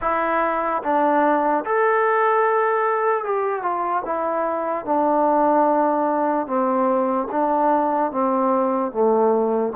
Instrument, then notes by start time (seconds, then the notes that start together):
trombone
0.01 E4
0.83 D4
1.64 A4
3.24 G4
3.62 F4
4.05 E4
4.85 D4
6.46 C4
7.31 D4
8.11 C4
8.92 A3